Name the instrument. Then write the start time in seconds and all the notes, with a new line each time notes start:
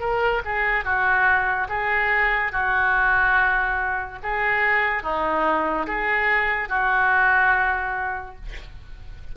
oboe
0.00 A#4
0.44 G#4
0.84 F#4
1.69 G#4
2.52 F#4
4.23 G#4
5.03 D#4
5.86 G#4
6.69 F#4